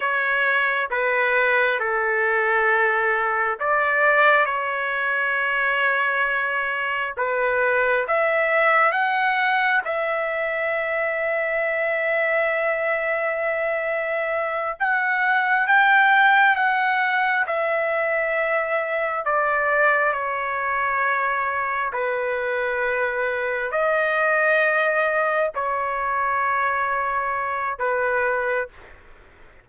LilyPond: \new Staff \with { instrumentName = "trumpet" } { \time 4/4 \tempo 4 = 67 cis''4 b'4 a'2 | d''4 cis''2. | b'4 e''4 fis''4 e''4~ | e''1~ |
e''8 fis''4 g''4 fis''4 e''8~ | e''4. d''4 cis''4.~ | cis''8 b'2 dis''4.~ | dis''8 cis''2~ cis''8 b'4 | }